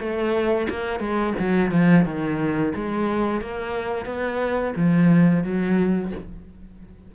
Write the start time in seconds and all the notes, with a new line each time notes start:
0.00 A3
0.70 A#3
1.00 G#3
1.40 F#3
1.71 F3
2.05 D#3
2.75 G#3
3.42 A#3
4.06 B3
4.76 F3
5.44 F#3